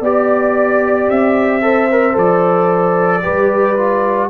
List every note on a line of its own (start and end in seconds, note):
0.00 1.07 B3
0.00 1.61 G4
0.00 1.61 D5
0.00 1.10 D5
1.08 2.15 C4
1.08 2.17 E5
1.61 1.88 A4
1.61 3.23 C5
1.91 2.12 A#4
2.12 3.23 F3
2.12 3.19 A4
2.12 4.30 D5
3.22 4.30 G3
3.22 3.75 G4
3.22 4.30 B4
3.77 4.30 F4